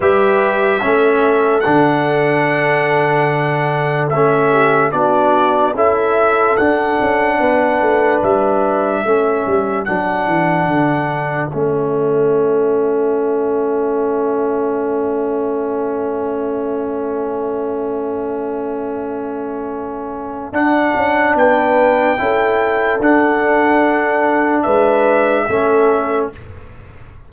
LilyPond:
<<
  \new Staff \with { instrumentName = "trumpet" } { \time 4/4 \tempo 4 = 73 e''2 fis''2~ | fis''4 e''4 d''4 e''4 | fis''2 e''2 | fis''2 e''2~ |
e''1~ | e''1~ | e''4 fis''4 g''2 | fis''2 e''2 | }
  \new Staff \with { instrumentName = "horn" } { \time 4/4 b'4 a'2.~ | a'4. g'8 fis'4 a'4~ | a'4 b'2 a'4~ | a'1~ |
a'1~ | a'1~ | a'2 b'4 a'4~ | a'2 b'4 a'4 | }
  \new Staff \with { instrumentName = "trombone" } { \time 4/4 g'4 cis'4 d'2~ | d'4 cis'4 d'4 e'4 | d'2. cis'4 | d'2 cis'2~ |
cis'1~ | cis'1~ | cis'4 d'2 e'4 | d'2. cis'4 | }
  \new Staff \with { instrumentName = "tuba" } { \time 4/4 g4 a4 d2~ | d4 a4 b4 cis'4 | d'8 cis'8 b8 a8 g4 a8 g8 | fis8 e8 d4 a2~ |
a1~ | a1~ | a4 d'8 cis'8 b4 cis'4 | d'2 gis4 a4 | }
>>